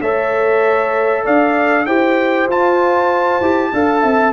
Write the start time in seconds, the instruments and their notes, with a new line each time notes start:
0.00 tuba A3, trombone A4, horn C#5, trumpet E5
1.24 tuba D4, horn D5, trumpet F5
1.86 tuba E4, trombone G4, horn C5, trumpet G5
2.47 tuba F4, trombone F4, trumpet A5
3.40 tuba E4, trombone G4
3.73 tuba D4, trombone A4, horn F5
4.02 tuba C4, horn E5